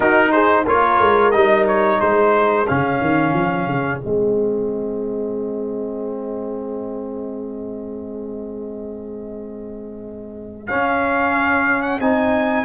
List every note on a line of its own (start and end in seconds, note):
0.00 0.65 D#4
0.00 0.66 D#4
0.00 0.31 F#4
0.00 0.31 A#4
0.31 0.65 G#4
0.31 0.65 C5
0.67 1.00 A#3
0.67 1.32 F4
0.67 2.01 A#4
0.67 1.31 C#5
1.00 1.33 G#3
1.31 2.00 G3
1.31 2.66 D#4
1.31 1.64 D#5
1.67 2.00 C#5
2.00 2.67 G#3
2.00 12.65 G#4
2.00 2.67 C5
2.67 3.00 C#3
2.67 4.00 C#4
2.67 4.00 F5
3.00 3.33 D#3
3.33 3.66 F3
3.66 3.99 C#3
4.00 10.69 G#3
4.00 10.67 C4
4.00 10.66 D#5
10.67 12.01 C#4
10.67 11.99 C#4
10.67 11.82 F5
11.82 11.99 F#5
11.99 12.65 C4
11.99 12.65 D#4
11.99 12.65 G#5